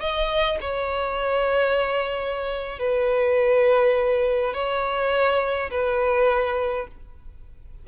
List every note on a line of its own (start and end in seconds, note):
0.00 0.58 D#5
0.60 2.79 C#5
2.79 4.54 B4
4.54 5.70 C#5
5.71 6.87 B4